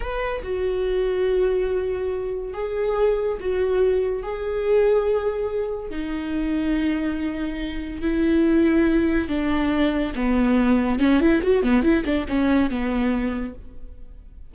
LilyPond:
\new Staff \with { instrumentName = "viola" } { \time 4/4 \tempo 4 = 142 b'4 fis'2.~ | fis'2 gis'2 | fis'2 gis'2~ | gis'2 dis'2~ |
dis'2. e'4~ | e'2 d'2 | b2 cis'8 e'8 fis'8 b8 | e'8 d'8 cis'4 b2 | }